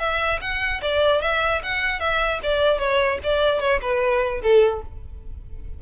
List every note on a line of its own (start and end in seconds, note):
0.00 0.40 E5
0.42 0.82 F#5
0.82 1.22 D5
1.22 1.62 E5
1.63 2.00 F#5
2.00 2.40 E5
2.43 2.79 D5
2.79 3.19 C#5
3.24 3.60 D5
3.60 3.80 C#5
3.82 4.42 B4
4.42 4.82 A4